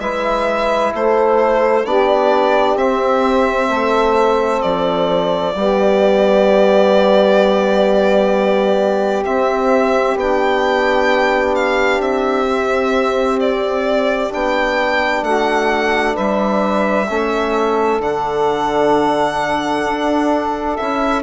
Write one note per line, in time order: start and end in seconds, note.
0.00 0.93 G#3
0.00 1.85 E4
0.00 0.93 B4
0.00 0.93 E5
0.94 1.86 A3
0.94 1.86 A4
0.94 1.86 C5
1.86 2.76 B3
1.86 2.78 D4
1.86 3.70 G4
1.86 2.78 D5
2.76 3.69 C4
2.76 5.55 C4
2.76 4.62 E5
3.69 4.62 A3
3.69 5.55 A4
4.62 5.56 F3
4.62 9.24 D5
5.56 9.25 G3
5.56 9.25 B3
5.56 15.24 G4
9.25 10.17 C4
9.25 10.16 C4
9.25 10.18 E5
10.16 12.00 B3
10.16 12.46 D4
10.16 11.56 G5
11.56 12.01 F5
12.00 14.30 C4
12.00 13.40 E5
12.46 14.30 C4
13.40 14.32 D5
14.30 15.23 B3
14.30 17.07 D4
14.30 15.24 G5
15.23 16.15 A3
15.23 16.14 F#4
15.23 16.16 F#5
16.14 17.10 G3
16.14 17.07 B4
16.14 18.02 E5
17.09 18.00 A3
17.09 18.02 C#4
17.09 21.23 A4
18.00 19.85 D3
18.00 20.78 D4
18.00 20.77 F#5
19.86 20.78 D4
20.77 21.23 C#4
20.77 21.23 E4
20.77 21.23 E5